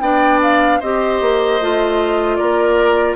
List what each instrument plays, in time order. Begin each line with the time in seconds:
0.00 bassoon B3, clarinet D4, oboe D5, flute G5
0.42 flute F5
0.80 bassoon C4, clarinet G4, oboe C5, flute D#5
1.21 bassoon A#3
1.60 bassoon A3, clarinet F4
2.36 bassoon A#3, oboe A#4, flute D5